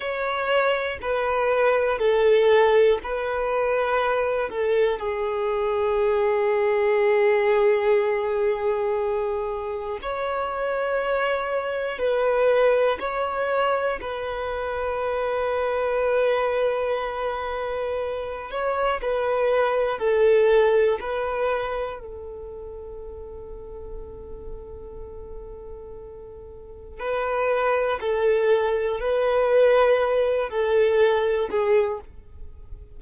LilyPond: \new Staff \with { instrumentName = "violin" } { \time 4/4 \tempo 4 = 60 cis''4 b'4 a'4 b'4~ | b'8 a'8 gis'2.~ | gis'2 cis''2 | b'4 cis''4 b'2~ |
b'2~ b'8 cis''8 b'4 | a'4 b'4 a'2~ | a'2. b'4 | a'4 b'4. a'4 gis'8 | }